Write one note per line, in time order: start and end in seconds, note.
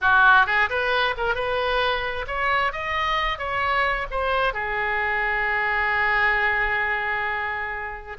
0.01 0.46 F#4
0.46 0.69 G#4
0.69 1.15 B4
1.17 1.34 A#4
1.34 2.25 B4
2.27 2.72 C#5
2.72 3.38 D#5
3.38 4.06 C#5
4.10 4.53 C5
4.53 8.17 G#4